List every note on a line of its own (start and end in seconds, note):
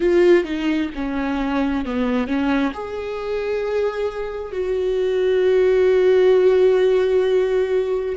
0.00 0.44 F4
0.44 0.90 D#4
0.94 1.85 C#4
1.85 2.27 B3
2.27 2.72 C#4
2.73 4.52 G#4
4.52 8.15 F#4